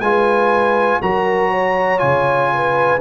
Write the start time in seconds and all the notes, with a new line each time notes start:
0.00 G#3 F4 B4 G#5
1.01 F#3 F#4 A#4 A#5
1.51 C#5
1.98 C#3 F4 G#5
2.53 B4